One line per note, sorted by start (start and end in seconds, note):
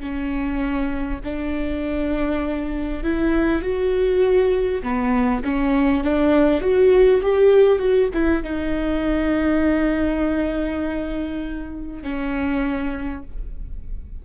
0.00 1.20 C#4
1.24 3.04 D4
3.04 3.63 E4
3.63 4.83 F#4
4.83 5.43 B3
5.44 6.04 C#4
6.04 6.62 D4
6.62 7.22 F#4
7.23 7.79 G4
7.79 8.09 F#4
8.14 8.44 E4
8.44 12.03 D#4
12.03 13.23 C#4